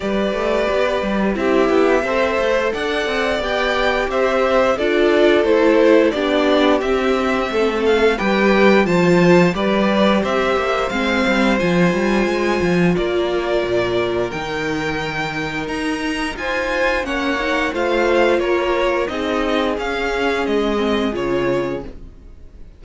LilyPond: <<
  \new Staff \with { instrumentName = "violin" } { \time 4/4 \tempo 4 = 88 d''2 e''2 | fis''4 g''4 e''4 d''4 | c''4 d''4 e''4. f''8 | g''4 a''4 d''4 e''4 |
f''4 gis''2 d''4~ | d''4 g''2 ais''4 | gis''4 fis''4 f''4 cis''4 | dis''4 f''4 dis''4 cis''4 | }
  \new Staff \with { instrumentName = "violin" } { \time 4/4 b'2 g'4 c''4 | d''2 c''4 a'4~ | a'4 g'2 a'4 | b'4 c''4 b'4 c''4~ |
c''2. ais'4~ | ais'1 | c''4 cis''4 c''4 ais'4 | gis'1 | }
  \new Staff \with { instrumentName = "viola" } { \time 4/4 g'2 e'4 a'4~ | a'4 g'2 f'4 | e'4 d'4 c'2 | g'4 f'4 g'2 |
c'4 f'2.~ | f'4 dis'2.~ | dis'4 cis'8 dis'8 f'2 | dis'4 cis'4. c'8 f'4 | }
  \new Staff \with { instrumentName = "cello" } { \time 4/4 g8 a8 b8 g8 c'8 b8 c'8 a8 | d'8 c'8 b4 c'4 d'4 | a4 b4 c'4 a4 | g4 f4 g4 c'8 ais8 |
gis8 g8 f8 g8 gis8 f8 ais4 | ais,4 dis2 dis'4 | f'4 ais4 a4 ais4 | c'4 cis'4 gis4 cis4 | }
>>